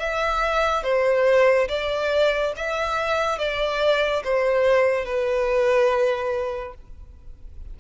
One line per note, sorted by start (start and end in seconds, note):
0.00 0.83 E5
0.83 1.68 C5
1.69 2.53 D5
2.57 3.38 E5
3.38 4.23 D5
4.24 5.06 C5
5.06 6.75 B4